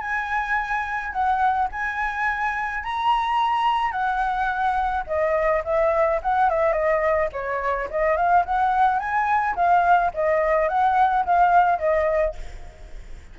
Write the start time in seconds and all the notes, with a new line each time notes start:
0.00 G#5
1.12 F#5
1.71 G#5
2.83 A#5
3.91 F#5
5.06 D#5
5.64 E5
6.22 F#5
6.49 E5
6.72 D#5
7.32 C#5
7.90 D#5
8.16 F5
8.45 F#5
8.99 G#5
9.55 F5
10.14 D#5
10.68 F#5
11.25 F5
11.78 D#5